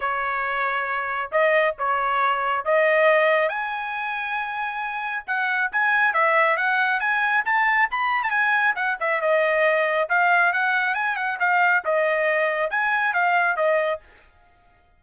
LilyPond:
\new Staff \with { instrumentName = "trumpet" } { \time 4/4 \tempo 4 = 137 cis''2. dis''4 | cis''2 dis''2 | gis''1 | fis''4 gis''4 e''4 fis''4 |
gis''4 a''4 b''8. a''16 gis''4 | fis''8 e''8 dis''2 f''4 | fis''4 gis''8 fis''8 f''4 dis''4~ | dis''4 gis''4 f''4 dis''4 | }